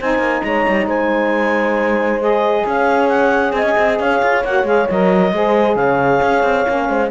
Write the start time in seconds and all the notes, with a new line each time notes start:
0.00 C4 D#4 C5 G#5
0.19 A#3
0.43 G#3 C#5 A#5
0.69 G3
0.86 G#3 C5 G#5
2.21 G#4 D#5
2.66 C#4 C#5 F5
3.09 F#5
3.53 C4 D#5 G#5
3.63 C#4
3.78 C4
4.00 C#4 C#5 F5
4.23 F4
4.44 A#3 F#4 F#5
4.64 G#3 G#4 F5
4.90 F#3 A#4 D#5
5.32 G#3 G#4 C5
5.76 C#3 C#5 F5
6.22 C#4
6.43 C4
6.66 A#3 C#4
6.89 G#3 C5